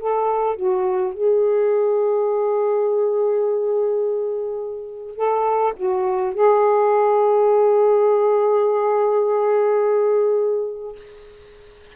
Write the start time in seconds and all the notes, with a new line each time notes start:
0.00 A4
0.57 F#4
1.14 G#4
5.16 A4
5.77 F#4
6.35 G#4